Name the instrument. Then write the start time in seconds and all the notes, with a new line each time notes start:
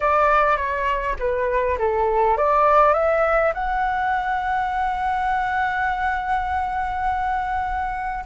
flute
0.00 D5
0.56 C#5
1.19 B4
1.78 A4
2.37 D5
2.93 E5
3.53 F#5